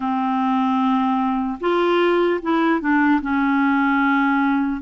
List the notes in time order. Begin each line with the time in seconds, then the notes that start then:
0.00 C4
1.60 F4
2.42 E4
2.80 D4
3.21 C#4